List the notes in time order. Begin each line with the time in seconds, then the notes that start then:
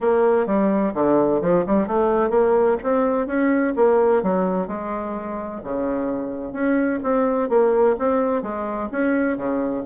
0.01 A#3
0.46 G3
0.94 D3
1.41 F3
1.66 G3
1.87 A3
2.30 A#3
2.83 C4
3.26 C#4
3.76 A#3
4.23 F#3
4.67 G#3
5.63 C#3
6.52 C#4
7.03 C4
7.49 A#3
7.99 C4
8.42 G#3
8.91 C#4
9.37 C#3